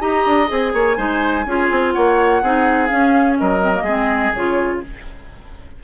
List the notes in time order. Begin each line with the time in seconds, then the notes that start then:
0.00 D#4 G4 D#5 A#5
0.26 D4
0.47 C4 G#4 G#5
0.73 A#3 C#5
0.97 G#3 D#4 C5
1.45 C#4 F4 G#4
1.70 C4
1.91 A#3 C#5 F#5
2.42 C4 D#4 G#4
2.87 C#4 F5
3.38 F#3 A#4 D#5
3.61 C4
3.74 A#3
3.82 G#3 C4 G#4
4.33 C#3 F4 C#5